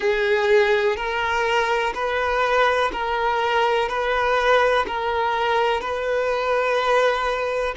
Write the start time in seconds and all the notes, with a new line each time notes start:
0.00 G#4
0.96 A#4
1.94 B4
2.92 A#4
3.88 B4
4.87 A#4
5.81 B4